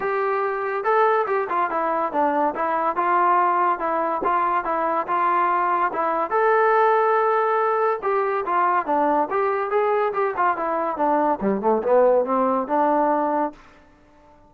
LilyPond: \new Staff \with { instrumentName = "trombone" } { \time 4/4 \tempo 4 = 142 g'2 a'4 g'8 f'8 | e'4 d'4 e'4 f'4~ | f'4 e'4 f'4 e'4 | f'2 e'4 a'4~ |
a'2. g'4 | f'4 d'4 g'4 gis'4 | g'8 f'8 e'4 d'4 g8 a8 | b4 c'4 d'2 | }